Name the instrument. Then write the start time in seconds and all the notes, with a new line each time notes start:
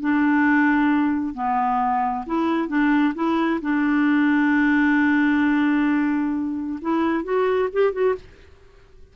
clarinet
0.00 D4
1.34 B3
2.26 E4
2.68 D4
3.14 E4
3.61 D4
6.81 E4
7.23 F#4
7.72 G4
7.92 F#4